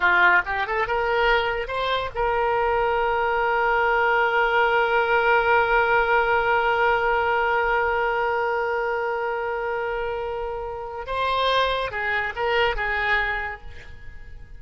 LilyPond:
\new Staff \with { instrumentName = "oboe" } { \time 4/4 \tempo 4 = 141 f'4 g'8 a'8 ais'2 | c''4 ais'2.~ | ais'1~ | ais'1~ |
ais'1~ | ais'1~ | ais'2 c''2 | gis'4 ais'4 gis'2 | }